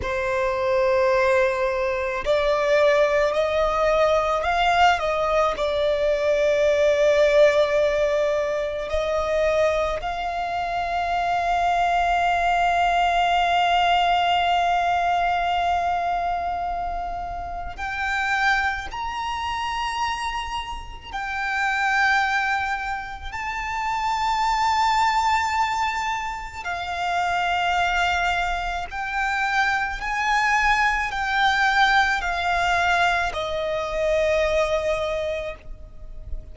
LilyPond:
\new Staff \with { instrumentName = "violin" } { \time 4/4 \tempo 4 = 54 c''2 d''4 dis''4 | f''8 dis''8 d''2. | dis''4 f''2.~ | f''1 |
g''4 ais''2 g''4~ | g''4 a''2. | f''2 g''4 gis''4 | g''4 f''4 dis''2 | }